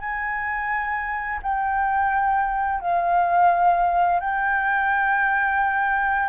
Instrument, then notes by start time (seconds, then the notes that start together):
flute
0.00 G#5
1.42 G5
2.81 F5
4.20 G5